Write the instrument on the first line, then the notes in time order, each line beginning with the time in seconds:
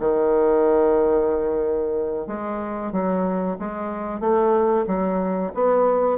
bassoon
0.00 D#3
2.27 G#3
2.92 F#3
3.59 G#3
4.21 A3
4.87 F#3
5.54 B3